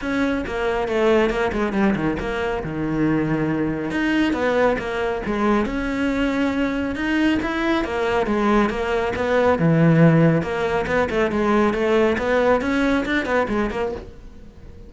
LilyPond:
\new Staff \with { instrumentName = "cello" } { \time 4/4 \tempo 4 = 138 cis'4 ais4 a4 ais8 gis8 | g8 dis8 ais4 dis2~ | dis4 dis'4 b4 ais4 | gis4 cis'2. |
dis'4 e'4 ais4 gis4 | ais4 b4 e2 | ais4 b8 a8 gis4 a4 | b4 cis'4 d'8 b8 gis8 ais8 | }